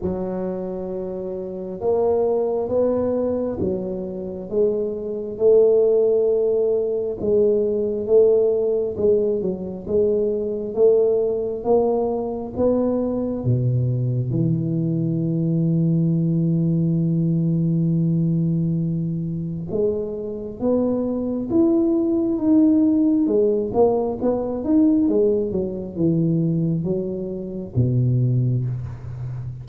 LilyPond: \new Staff \with { instrumentName = "tuba" } { \time 4/4 \tempo 4 = 67 fis2 ais4 b4 | fis4 gis4 a2 | gis4 a4 gis8 fis8 gis4 | a4 ais4 b4 b,4 |
e1~ | e2 gis4 b4 | e'4 dis'4 gis8 ais8 b8 dis'8 | gis8 fis8 e4 fis4 b,4 | }